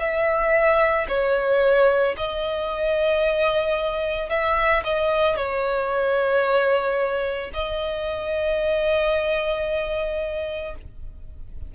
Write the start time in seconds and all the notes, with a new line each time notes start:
0.00 E5
1.09 C#5
2.18 D#5
4.30 E5
4.84 D#5
5.37 C#5
7.54 D#5